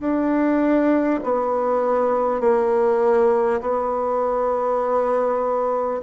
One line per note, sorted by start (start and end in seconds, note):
0.00 1.20 D4
1.24 2.41 B3
2.41 3.61 A#3
3.62 6.02 B3